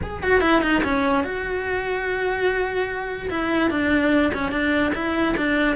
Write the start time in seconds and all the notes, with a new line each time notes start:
0.02 G#4
0.22 F#4
0.41 E4
0.61 D#4
0.83 C#4
1.24 F#4
3.30 E4
3.70 D4
4.34 C#4
4.51 D4
4.94 E4
5.36 D4